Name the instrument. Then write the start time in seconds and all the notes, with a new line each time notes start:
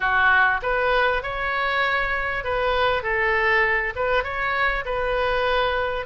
oboe
0.00 F#4
0.62 B4
1.22 C#5
2.44 B4
3.02 A4
3.95 B4
4.23 C#5
4.85 B4